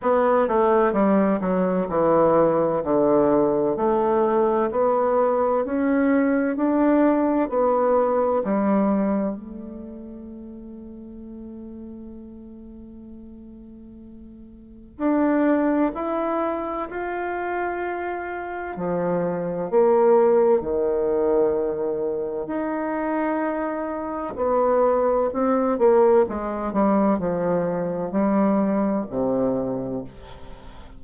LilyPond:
\new Staff \with { instrumentName = "bassoon" } { \time 4/4 \tempo 4 = 64 b8 a8 g8 fis8 e4 d4 | a4 b4 cis'4 d'4 | b4 g4 a2~ | a1 |
d'4 e'4 f'2 | f4 ais4 dis2 | dis'2 b4 c'8 ais8 | gis8 g8 f4 g4 c4 | }